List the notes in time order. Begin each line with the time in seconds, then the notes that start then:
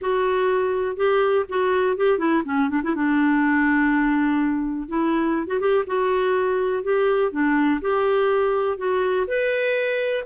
0.01 F#4
0.96 G4
1.49 F#4
1.96 G4
2.18 E4
2.45 C#4
2.69 D4
2.83 E4
2.95 D4
4.88 E4
5.47 F#4
5.60 G4
5.86 F#4
6.83 G4
7.31 D4
7.81 G4
8.77 F#4
9.27 B4